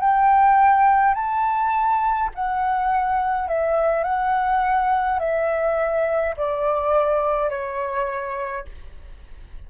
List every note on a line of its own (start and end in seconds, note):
0.00 1.14 G5
1.14 2.30 A5
2.34 3.48 F#5
3.48 4.03 E5
4.03 5.19 F#5
5.19 6.35 E5
6.37 7.49 D5
7.49 8.65 C#5